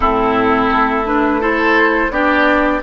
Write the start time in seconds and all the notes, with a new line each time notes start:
0.00 A2 C4 E4 A4
0.71 A3
1.05 D4 B4
1.40 E4 A4 C5
2.10 B3 D4 G4 D5